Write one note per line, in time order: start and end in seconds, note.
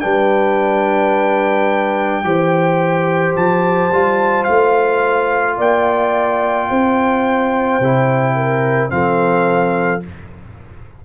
0.00 2.24 G3
0.00 2.24 D4
0.00 2.25 B4
0.00 3.33 G5
2.24 3.35 E3
2.24 3.91 G4
2.24 5.57 C5
3.36 3.91 F3
3.36 4.44 A5
3.91 4.46 G3
3.91 7.82 F4
4.44 5.58 A3
4.44 5.55 F5
5.57 6.69 A#3
5.57 6.68 D5
5.57 8.91 G5
6.69 7.80 C4
6.69 8.36 C5
7.80 8.91 C3
7.80 8.90 E4
8.36 8.91 A#4
8.90 10.03 F3
8.90 10.01 C4
8.90 10.05 A4
8.90 10.02 F5